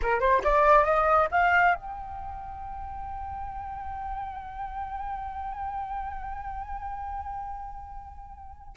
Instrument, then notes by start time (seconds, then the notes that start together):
flute
0.01 A#4
0.20 C5
0.43 D5
0.84 D#5
1.31 F5
1.75 G5